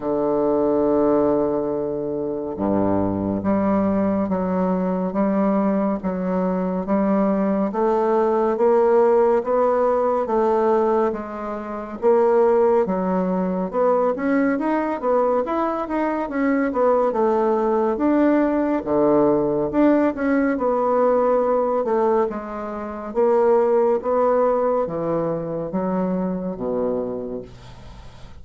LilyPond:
\new Staff \with { instrumentName = "bassoon" } { \time 4/4 \tempo 4 = 70 d2. g,4 | g4 fis4 g4 fis4 | g4 a4 ais4 b4 | a4 gis4 ais4 fis4 |
b8 cis'8 dis'8 b8 e'8 dis'8 cis'8 b8 | a4 d'4 d4 d'8 cis'8 | b4. a8 gis4 ais4 | b4 e4 fis4 b,4 | }